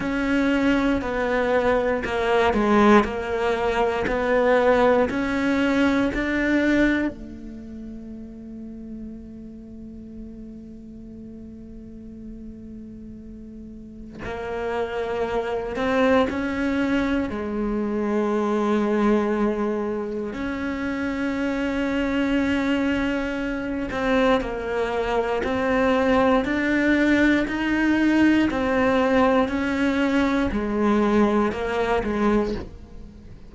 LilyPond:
\new Staff \with { instrumentName = "cello" } { \time 4/4 \tempo 4 = 59 cis'4 b4 ais8 gis8 ais4 | b4 cis'4 d'4 a4~ | a1~ | a2 ais4. c'8 |
cis'4 gis2. | cis'2.~ cis'8 c'8 | ais4 c'4 d'4 dis'4 | c'4 cis'4 gis4 ais8 gis8 | }